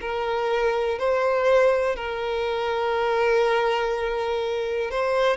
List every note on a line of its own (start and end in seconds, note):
0.00 0.98 A#4
0.98 1.95 C5
1.95 4.90 A#4
4.90 5.36 C5